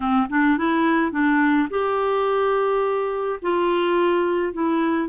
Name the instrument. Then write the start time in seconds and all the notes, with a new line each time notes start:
clarinet
0.00 C4
0.29 D4
0.57 E4
1.11 D4
1.70 G4
3.41 F4
4.53 E4